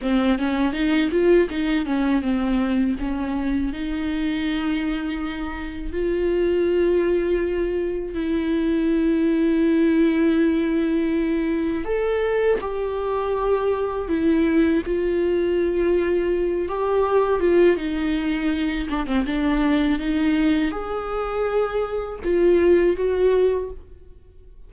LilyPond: \new Staff \with { instrumentName = "viola" } { \time 4/4 \tempo 4 = 81 c'8 cis'8 dis'8 f'8 dis'8 cis'8 c'4 | cis'4 dis'2. | f'2. e'4~ | e'1 |
a'4 g'2 e'4 | f'2~ f'8 g'4 f'8 | dis'4. d'16 c'16 d'4 dis'4 | gis'2 f'4 fis'4 | }